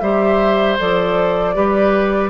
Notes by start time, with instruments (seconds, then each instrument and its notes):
0.00 bassoon G3, clarinet G4, oboe C5, flute E5
0.78 bassoon F3, clarinet A4, flute D5
1.54 bassoon G3, clarinet G4, oboe B4